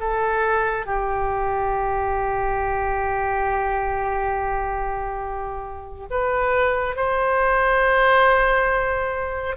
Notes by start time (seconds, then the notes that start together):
0.00 A4
0.86 G4
6.10 B4
6.96 C5